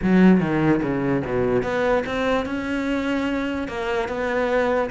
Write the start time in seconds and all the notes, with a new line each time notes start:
0.02 F#3
0.40 D#3
0.82 C#3
1.25 B2
1.62 B3
2.06 C4
2.45 C#4
3.68 A#3
4.08 B3